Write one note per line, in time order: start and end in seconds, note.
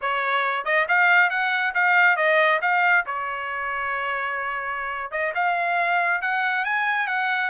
0.01 0.64 C#5
0.64 0.86 D#5
0.88 1.30 F5
1.30 1.73 F#5
1.74 2.16 F5
2.16 2.59 D#5
2.61 3.05 F5
3.06 5.11 C#5
5.11 5.33 D#5
5.34 6.21 F5
6.21 6.64 F#5
6.64 7.07 G#5
7.07 7.50 F#5